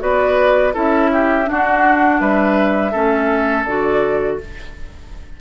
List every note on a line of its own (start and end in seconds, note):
0.00 0.75 B3
0.00 0.73 F#4
0.00 0.74 B4
0.00 0.75 D5
0.74 1.49 C#4
0.74 1.45 E4
0.74 1.11 A4
0.74 1.49 E5
1.13 1.49 G4
1.45 2.91 D4
1.45 2.21 D4
1.45 2.21 F#4
1.45 2.20 F#5
2.20 2.94 G3
2.20 2.92 B4
2.20 3.65 E5
2.92 3.66 A3
2.92 3.66 C#4
2.92 4.38 A4
3.65 4.39 D3
3.65 4.41 F#4
3.65 4.38 D5